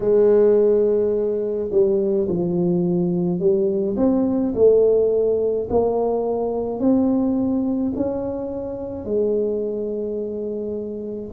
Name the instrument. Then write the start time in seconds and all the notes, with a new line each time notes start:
tuba
0.00 G#3
1.71 G3
2.28 F3
3.39 G3
3.96 C4
4.54 A3
5.69 A#3
6.79 C4
7.96 C#4
9.04 G#3